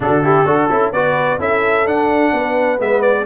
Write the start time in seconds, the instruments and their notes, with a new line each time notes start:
0.00 tuba D3, trombone D4, horn F#4, trumpet A4
0.23 trombone E4, horn G4
0.45 tuba D4, trombone F#4, horn A4
0.70 tuba C#4, trombone E4
0.92 tuba B3, trombone F#4, horn B4, trumpet D5
1.38 tuba C#4, trombone E4, horn A4, trumpet E5
1.85 tuba D4, trombone D4, trumpet F#5
2.33 tuba B3, horn B4
2.78 tuba G#3, trombone B3, trumpet E5
3.01 trumpet D5